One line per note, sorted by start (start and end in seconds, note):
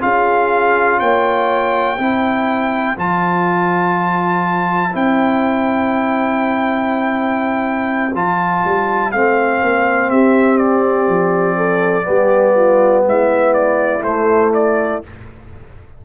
0.00 1.00 C#4
0.00 1.97 F4
0.00 1.00 G#4
0.00 0.99 F5
0.99 1.98 A#3
0.99 1.96 C#5
0.99 2.96 G5
1.96 2.97 C4
1.96 2.96 E4
1.96 10.08 C5
2.97 4.94 F3
2.97 4.92 F4
2.97 4.95 A5
4.92 8.14 C4
4.92 8.11 E4
4.92 8.15 G5
8.14 8.63 F3
8.14 9.13 F4
8.14 9.11 A5
8.64 9.12 G3
9.11 9.61 A3
9.11 12.03 C4
9.11 10.10 F5
9.62 10.10 A#3
10.10 11.08 C4
10.10 11.56 G4
10.10 10.57 E5
10.57 13.03 D5
11.08 12.06 F3
11.56 12.06 A4
12.03 13.06 G3
12.03 13.99 B3
12.03 12.55 G4
12.55 13.04 F4
13.06 14.02 G#3
13.06 15.05 E4
13.06 13.53 E5
13.53 14.02 D5
14.02 15.01 A3
14.02 15.03 A3
14.02 14.52 C5
14.53 15.02 D5